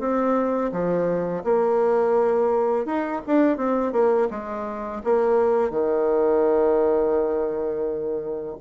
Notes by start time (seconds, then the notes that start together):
0.00 C4
0.72 F3
1.44 A#3
2.86 D#4
3.27 D4
3.57 C4
3.93 A#3
4.31 G#3
5.05 A#3
5.71 D#3